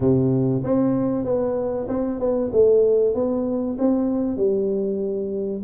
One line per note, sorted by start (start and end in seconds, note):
0.00 0.62 C3
0.63 1.24 C4
1.24 1.87 B3
1.88 2.19 C4
2.19 2.50 B3
2.52 3.14 A3
3.14 3.77 B3
3.78 4.37 C4
4.37 5.62 G3